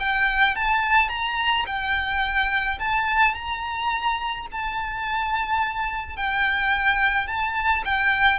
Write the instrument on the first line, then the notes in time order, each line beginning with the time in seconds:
violin
0.00 G5
0.56 A5
1.09 A#5
1.67 G5
2.80 A5
3.35 A#5
4.52 A5
6.17 G5
7.28 A5
7.86 G5